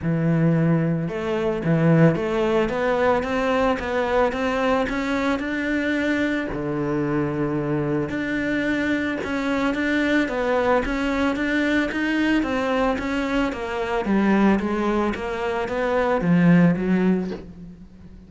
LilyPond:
\new Staff \with { instrumentName = "cello" } { \time 4/4 \tempo 4 = 111 e2 a4 e4 | a4 b4 c'4 b4 | c'4 cis'4 d'2 | d2. d'4~ |
d'4 cis'4 d'4 b4 | cis'4 d'4 dis'4 c'4 | cis'4 ais4 g4 gis4 | ais4 b4 f4 fis4 | }